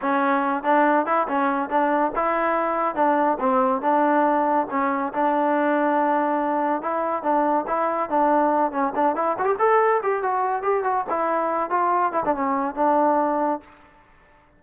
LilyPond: \new Staff \with { instrumentName = "trombone" } { \time 4/4 \tempo 4 = 141 cis'4. d'4 e'8 cis'4 | d'4 e'2 d'4 | c'4 d'2 cis'4 | d'1 |
e'4 d'4 e'4 d'4~ | d'8 cis'8 d'8 e'8 fis'16 g'16 a'4 g'8 | fis'4 g'8 fis'8 e'4. f'8~ | f'8 e'16 d'16 cis'4 d'2 | }